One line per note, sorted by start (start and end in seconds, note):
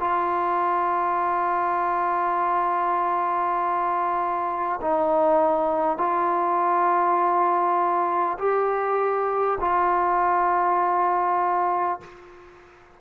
0.00 4.80 F4
4.81 5.97 D#4
5.97 8.37 F4
8.38 9.58 G4
9.61 12.01 F4